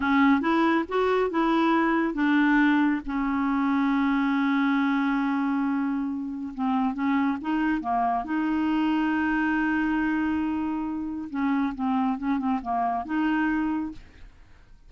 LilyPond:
\new Staff \with { instrumentName = "clarinet" } { \time 4/4 \tempo 4 = 138 cis'4 e'4 fis'4 e'4~ | e'4 d'2 cis'4~ | cis'1~ | cis'2. c'4 |
cis'4 dis'4 ais4 dis'4~ | dis'1~ | dis'2 cis'4 c'4 | cis'8 c'8 ais4 dis'2 | }